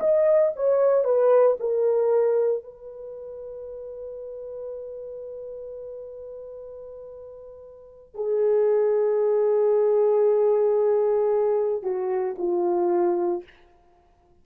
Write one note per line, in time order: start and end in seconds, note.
0.00 0.53 D#5
0.56 1.05 C#5
1.05 1.57 B4
1.60 2.64 A#4
2.64 8.15 B4
8.15 11.83 G#4
11.83 12.35 F#4
12.39 13.44 F4